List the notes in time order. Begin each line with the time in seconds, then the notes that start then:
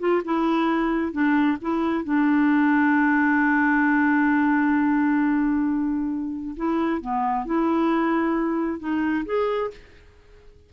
0.00 F4
0.25 E4
1.13 D4
1.62 E4
2.04 D4
6.57 E4
7.01 B3
7.46 E4
8.80 D#4
9.26 G#4